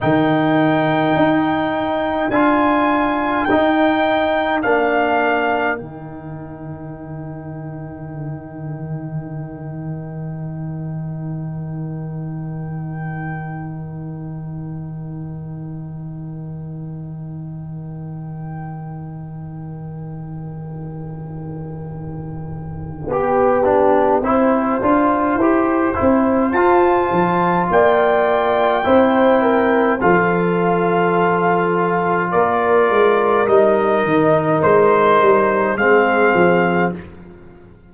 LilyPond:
<<
  \new Staff \with { instrumentName = "trumpet" } { \time 4/4 \tempo 4 = 52 g''2 gis''4 g''4 | f''4 g''2.~ | g''1~ | g''1~ |
g''1~ | g''2. a''4 | g''2 f''2 | d''4 dis''4 c''4 f''4 | }
  \new Staff \with { instrumentName = "horn" } { \time 4/4 ais'1~ | ais'1~ | ais'1~ | ais'1~ |
ais'1 | g'4 c''2. | d''4 c''8 ais'8 a'2 | ais'2. gis'4 | }
  \new Staff \with { instrumentName = "trombone" } { \time 4/4 dis'2 f'4 dis'4 | d'4 dis'2.~ | dis'1~ | dis'1~ |
dis'1 | g'8 d'8 e'8 f'8 g'8 e'8 f'4~ | f'4 e'4 f'2~ | f'4 dis'2 c'4 | }
  \new Staff \with { instrumentName = "tuba" } { \time 4/4 dis4 dis'4 d'4 dis'4 | ais4 dis2.~ | dis1~ | dis1~ |
dis1 | b4 c'8 d'8 e'8 c'8 f'8 f8 | ais4 c'4 f2 | ais8 gis8 g8 dis8 gis8 g8 gis8 f8 | }
>>